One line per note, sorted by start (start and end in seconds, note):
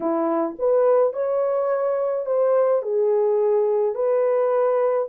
0.00 0.56 E4
0.58 1.13 B4
1.13 2.26 C#5
2.26 2.82 C5
2.82 3.94 G#4
3.94 5.07 B4